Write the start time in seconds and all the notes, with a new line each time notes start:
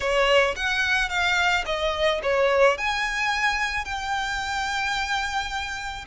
0.00 C#5
0.56 F#5
1.09 F5
1.65 D#5
2.23 C#5
2.77 G#5
3.85 G5